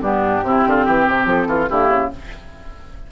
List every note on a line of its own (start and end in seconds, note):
0.00 0.42 G2
0.00 0.43 B3
0.00 0.43 D4
0.00 1.28 G4
0.42 0.63 C3
0.42 1.69 C4
0.42 0.67 E4
0.66 0.86 D3
0.66 0.85 F4
0.85 1.07 E3
0.85 1.47 G4
1.07 1.25 C3
1.25 1.46 F3
1.25 1.69 A4
1.46 1.67 E3
1.46 1.68 F4
1.69 1.88 D3
1.69 2.11 A#3
1.69 2.11 E4
1.69 2.10 G4
1.88 2.09 C#3